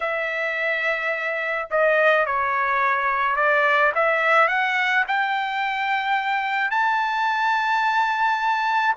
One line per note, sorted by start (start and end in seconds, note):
0.00 1.68 E5
1.70 2.26 D#5
2.26 3.36 C#5
3.36 3.92 D5
3.94 4.48 E5
4.48 5.04 F#5
5.07 6.71 G5
6.71 8.95 A5